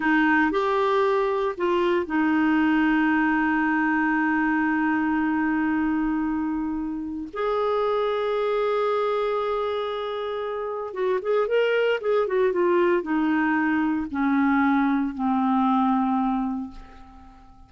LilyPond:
\new Staff \with { instrumentName = "clarinet" } { \time 4/4 \tempo 4 = 115 dis'4 g'2 f'4 | dis'1~ | dis'1~ | dis'2 gis'2~ |
gis'1~ | gis'4 fis'8 gis'8 ais'4 gis'8 fis'8 | f'4 dis'2 cis'4~ | cis'4 c'2. | }